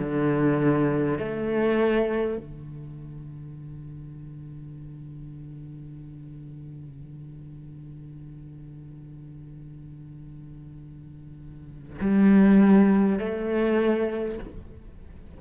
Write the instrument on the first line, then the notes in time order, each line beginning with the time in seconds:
cello
0.00 D3
1.19 A3
2.38 D3
12.01 G3
13.19 A3